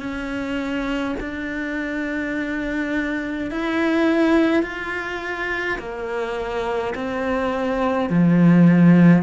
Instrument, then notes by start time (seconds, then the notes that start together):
cello
0.00 C#4
1.21 D4
3.51 E4
4.64 F4
5.79 A#3
6.95 C4
8.10 F3